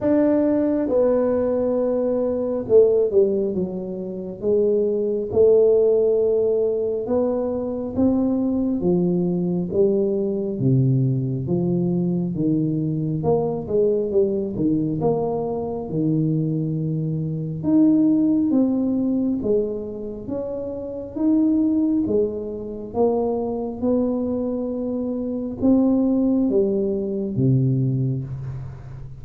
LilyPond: \new Staff \with { instrumentName = "tuba" } { \time 4/4 \tempo 4 = 68 d'4 b2 a8 g8 | fis4 gis4 a2 | b4 c'4 f4 g4 | c4 f4 dis4 ais8 gis8 |
g8 dis8 ais4 dis2 | dis'4 c'4 gis4 cis'4 | dis'4 gis4 ais4 b4~ | b4 c'4 g4 c4 | }